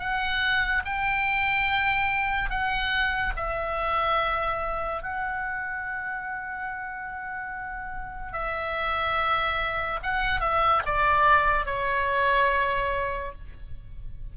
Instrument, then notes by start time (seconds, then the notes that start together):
oboe
0.00 F#5
0.86 G5
2.50 F#5
3.37 E5
5.03 F#5
8.33 E5
10.03 F#5
10.41 E5
10.86 D5
11.66 C#5